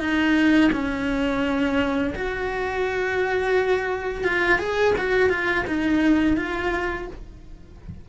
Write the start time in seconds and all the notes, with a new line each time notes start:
0.00 D#4
0.73 C#4
2.15 F#4
4.24 F4
4.59 G#4
4.98 F#4
5.30 F4
5.68 D#4
6.37 F4